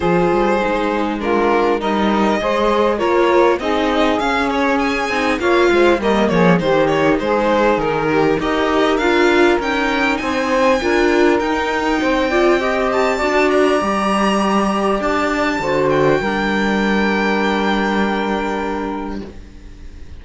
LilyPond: <<
  \new Staff \with { instrumentName = "violin" } { \time 4/4 \tempo 4 = 100 c''2 ais'4 dis''4~ | dis''4 cis''4 dis''4 f''8 cis''8 | gis''4 f''4 dis''8 cis''8 c''8 cis''8 | c''4 ais'4 dis''4 f''4 |
g''4 gis''2 g''4~ | g''4. a''4 ais''4.~ | ais''4 a''4. g''4.~ | g''1 | }
  \new Staff \with { instrumentName = "saxophone" } { \time 4/4 gis'2 f'4 ais'4 | c''4 ais'4 gis'2~ | gis'4 cis''8 c''8 ais'8 gis'8 g'4 | gis'4. g'8 ais'2~ |
ais'4 c''4 ais'2 | c''8 d''8 dis''4 d''2~ | d''2 c''4 ais'4~ | ais'1 | }
  \new Staff \with { instrumentName = "viola" } { \time 4/4 f'4 dis'4 d'4 dis'4 | gis'4 f'4 dis'4 cis'4~ | cis'8 dis'8 f'4 ais4 dis'4~ | dis'2 g'4 f'4 |
dis'2 f'4 dis'4~ | dis'8 f'8 g'4 fis'4 g'4~ | g'2 fis'4 d'4~ | d'1 | }
  \new Staff \with { instrumentName = "cello" } { \time 4/4 f8 g8 gis2 g4 | gis4 ais4 c'4 cis'4~ | cis'8 c'8 ais8 gis8 g8 f8 dis4 | gis4 dis4 dis'4 d'4 |
cis'4 c'4 d'4 dis'4 | c'2 d'4 g4~ | g4 d'4 d4 g4~ | g1 | }
>>